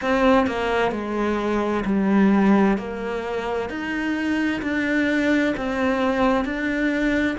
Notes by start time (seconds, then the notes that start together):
0.01 C4
0.46 A#3
0.91 G#3
1.85 G3
2.77 A#3
3.69 D#4
4.62 D4
5.56 C4
6.44 D4